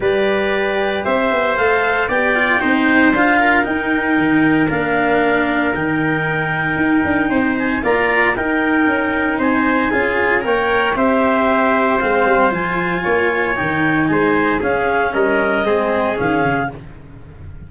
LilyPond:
<<
  \new Staff \with { instrumentName = "clarinet" } { \time 4/4 \tempo 4 = 115 d''2 e''4 f''4 | g''2 f''4 g''4~ | g''4 f''2 g''4~ | g''2~ g''8 gis''8 ais''4 |
g''2 gis''2 | g''4 e''2 f''4 | gis''2 g''4 gis''4 | f''4 dis''2 f''4 | }
  \new Staff \with { instrumentName = "trumpet" } { \time 4/4 b'2 c''2 | d''4 c''4. ais'4.~ | ais'1~ | ais'2 c''4 d''4 |
ais'2 c''4 gis'4 | cis''4 c''2.~ | c''4 cis''2 c''4 | gis'4 ais'4 gis'2 | }
  \new Staff \with { instrumentName = "cello" } { \time 4/4 g'2. a'4 | g'8 f'8 dis'4 f'4 dis'4~ | dis'4 d'2 dis'4~ | dis'2. f'4 |
dis'2. f'4 | ais'4 g'2 c'4 | f'2 dis'2 | cis'2 c'4 cis'4 | }
  \new Staff \with { instrumentName = "tuba" } { \time 4/4 g2 c'8 b8 a4 | b4 c'4 d'4 dis'4 | dis4 ais2 dis4~ | dis4 dis'8 d'8 c'4 ais4 |
dis'4 cis'4 c'4 cis'4 | ais4 c'2 gis8 g8 | f4 ais4 dis4 gis4 | cis'4 g4 gis4 dis8 cis8 | }
>>